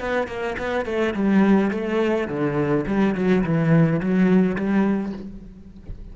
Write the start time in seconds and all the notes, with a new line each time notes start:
0.00 B3
0.28 A#3
0.58 B3
0.85 A3
1.14 G3
1.71 A3
2.28 D3
2.87 G3
3.15 F#3
3.44 E3
4.01 F#3
4.56 G3